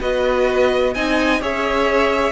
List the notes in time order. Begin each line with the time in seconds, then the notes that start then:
0.00 B3 F#4 B4 D#5
0.95 C4 D#4 D#5 G#5
1.41 C#4 G#4 C#5 E5